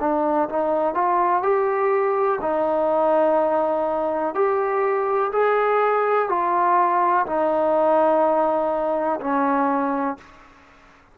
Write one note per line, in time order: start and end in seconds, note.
0.00 0.48 D4
0.49 0.94 D#4
0.94 1.43 F4
1.43 2.39 G4
2.41 4.35 D#4
4.35 5.31 G4
5.32 6.29 G#4
6.29 7.26 F4
7.26 9.20 D#4
9.21 10.17 C#4